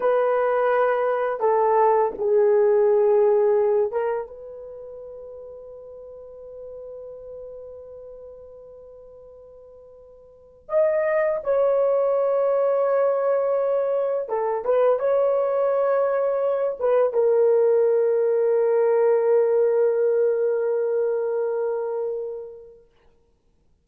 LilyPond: \new Staff \with { instrumentName = "horn" } { \time 4/4 \tempo 4 = 84 b'2 a'4 gis'4~ | gis'4. ais'8 b'2~ | b'1~ | b'2. dis''4 |
cis''1 | a'8 b'8 cis''2~ cis''8 b'8 | ais'1~ | ais'1 | }